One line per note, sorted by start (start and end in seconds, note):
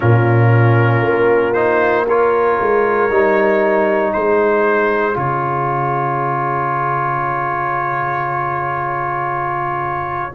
0.00 1.01 A#2
0.00 1.55 C#4
0.00 2.05 F4
0.00 1.53 A#4
1.01 2.56 A#3
1.53 2.06 D#4
1.53 2.05 C5
2.07 3.10 F4
2.07 4.13 A#4
2.07 4.12 C#5
2.60 3.10 G#3
3.10 4.13 G3
3.10 5.13 D#4
4.12 5.16 G#3
4.12 10.34 G#4
4.12 5.16 C5
5.13 10.33 C#3
5.13 10.31 F4
5.13 10.34 C#5